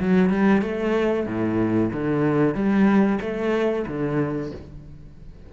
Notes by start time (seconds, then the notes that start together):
0.00 F#3
0.30 G3
0.62 A3
1.26 A2
1.93 D3
2.55 G3
3.21 A3
3.87 D3